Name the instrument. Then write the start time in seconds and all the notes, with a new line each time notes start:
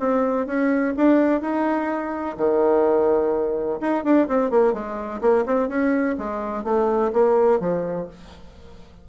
bassoon
0.00 C4
0.47 C#4
0.97 D4
1.41 D#4
2.37 D#3
3.81 D#4
4.04 D4
4.28 C4
4.51 A#3
4.73 G#3
5.21 A#3
5.46 C4
5.69 C#4
6.18 G#3
6.64 A3
7.13 A#3
7.60 F3